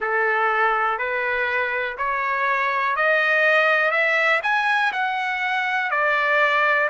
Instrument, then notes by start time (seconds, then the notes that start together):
trumpet
0.00 A4
0.98 B4
1.97 C#5
2.96 D#5
3.91 E5
4.43 G#5
4.92 F#5
5.91 D5